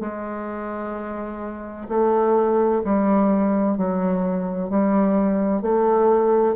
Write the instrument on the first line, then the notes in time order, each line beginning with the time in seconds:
bassoon
0.00 G#3
1.88 A3
2.84 G3
3.77 F#3
4.69 G3
5.62 A3